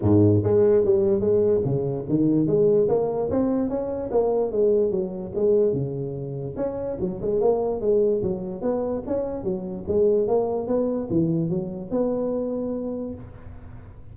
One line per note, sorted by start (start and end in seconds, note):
0.01 0.42 G#2
0.43 0.84 G#3
0.84 1.20 G3
1.20 1.61 G#3
1.64 2.05 C#3
2.08 2.47 D#3
2.47 2.88 G#3
2.88 3.29 A#3
3.30 3.69 C4
3.69 4.10 C#4
4.11 4.51 A#3
4.51 4.91 G#3
4.91 5.32 F#3
5.35 5.73 G#3
5.73 6.55 C#3
6.56 6.97 C#4
7.00 7.20 F#3
7.21 7.40 G#3
7.40 7.80 A#3
7.80 8.21 G#3
8.22 8.61 F#3
8.61 9.02 B3
9.06 9.43 C#4
9.43 9.84 F#3
9.87 10.27 G#3
10.27 10.67 A#3
10.67 11.08 B3
11.09 11.49 E3
11.49 11.90 F#3
11.91 13.14 B3